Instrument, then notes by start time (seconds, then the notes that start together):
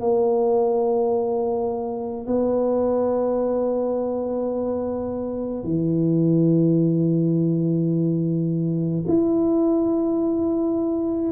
tuba
0.00 A#3
2.26 B3
5.63 E3
9.08 E4